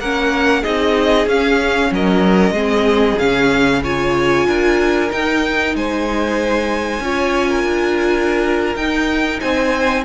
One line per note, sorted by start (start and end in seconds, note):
0.00 0.64 A#3
0.00 0.64 C#4
0.00 0.63 A#4
0.00 0.64 F#5
0.63 1.27 C4
0.63 1.28 D#4
0.63 1.90 G#4
0.63 1.28 D#5
1.27 1.91 C#4
1.27 2.55 C#4
1.27 1.93 F5
1.91 2.52 F#3
1.91 2.54 A#4
1.91 3.19 D#5
2.52 3.15 G#3
2.52 3.19 C4
2.52 3.82 G#4
3.19 4.47 C#3
3.19 3.84 C#4
3.19 3.83 F5
3.84 5.10 F4
3.84 4.47 C#5
3.84 5.12 G#5
4.47 5.11 D4
4.47 5.76 A#4
5.10 7.02 D#4
5.10 5.76 D#4
5.10 5.76 G5
5.76 7.00 G#3
5.76 7.04 C5
5.76 8.76 G#5
7.00 7.64 C#4
7.00 8.78 F4
7.00 7.50 C#5
7.50 9.41 A#4
7.64 8.76 D4
8.76 9.40 D#4
8.76 10.06 D#4
8.76 9.40 G5
9.41 10.06 C4
9.41 10.05 C5
9.41 10.05 G#5